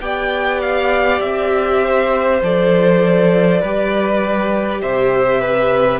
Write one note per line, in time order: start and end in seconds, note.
0.00 1.20 B3
0.00 2.42 G4
0.00 1.83 D5
0.00 0.60 G5
0.61 1.21 F5
1.21 2.41 C4
1.21 2.41 E5
1.84 3.61 C5
2.42 3.62 F3
2.42 3.63 A4
2.42 4.81 D5
3.61 4.82 G3
3.61 5.99 G4
3.61 4.81 B4
4.81 5.99 C3
4.81 5.41 C5
4.81 5.99 E5
5.41 5.99 B4